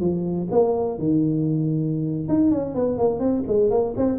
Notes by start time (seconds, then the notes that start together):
0.00 F3
0.51 A#3
0.98 D#3
2.28 D#4
2.51 C#4
2.74 B3
2.97 A#3
3.19 C4
3.47 G#3
3.70 A#3
3.96 C4